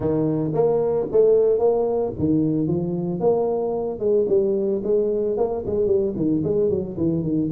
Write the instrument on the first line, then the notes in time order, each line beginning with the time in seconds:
tuba
0.00 D#3
0.53 A#3
1.11 A3
1.59 A#3
2.18 D#3
2.67 F3
3.19 A#3
3.99 G#3
4.28 G3
4.83 G#3
5.37 A#3
5.66 G#3
5.86 G3
6.16 D#3
6.44 G#3
6.69 F#3
6.97 E3
7.22 D#3